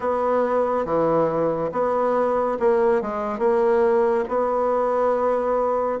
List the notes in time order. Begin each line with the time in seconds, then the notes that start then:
0.00 B3
0.85 E3
1.72 B3
2.59 A#3
3.01 G#3
3.38 A#3
4.28 B3